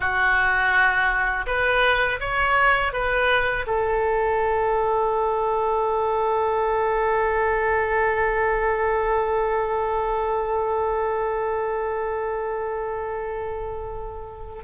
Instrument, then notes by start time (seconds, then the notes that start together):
oboe
0.00 F#4
1.46 B4
2.20 C#5
2.92 B4
3.66 A4